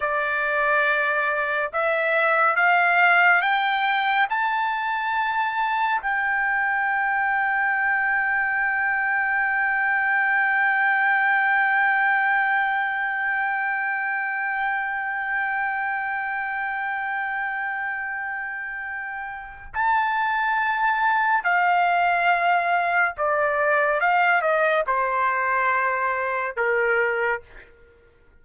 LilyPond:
\new Staff \with { instrumentName = "trumpet" } { \time 4/4 \tempo 4 = 70 d''2 e''4 f''4 | g''4 a''2 g''4~ | g''1~ | g''1~ |
g''1~ | g''2. a''4~ | a''4 f''2 d''4 | f''8 dis''8 c''2 ais'4 | }